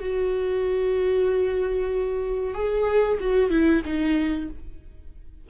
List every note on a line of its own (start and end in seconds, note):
0.00 2.55 F#4
2.55 3.19 G#4
3.20 3.50 F#4
3.50 3.82 E4
3.86 4.49 D#4